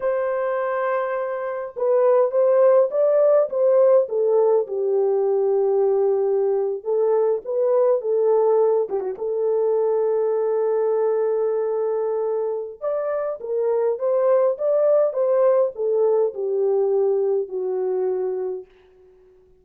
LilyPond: \new Staff \with { instrumentName = "horn" } { \time 4/4 \tempo 4 = 103 c''2. b'4 | c''4 d''4 c''4 a'4 | g'2.~ g'8. a'16~ | a'8. b'4 a'4. g'16 fis'16 a'16~ |
a'1~ | a'2 d''4 ais'4 | c''4 d''4 c''4 a'4 | g'2 fis'2 | }